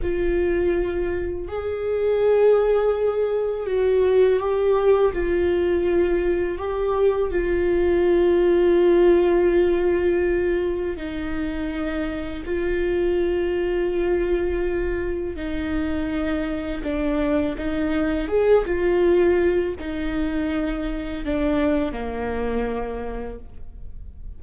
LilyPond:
\new Staff \with { instrumentName = "viola" } { \time 4/4 \tempo 4 = 82 f'2 gis'2~ | gis'4 fis'4 g'4 f'4~ | f'4 g'4 f'2~ | f'2. dis'4~ |
dis'4 f'2.~ | f'4 dis'2 d'4 | dis'4 gis'8 f'4. dis'4~ | dis'4 d'4 ais2 | }